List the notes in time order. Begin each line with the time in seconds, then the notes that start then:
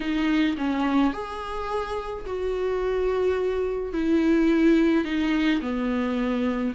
0.00 D#4
0.57 C#4
1.13 G#4
2.26 F#4
3.93 E4
5.04 D#4
5.61 B3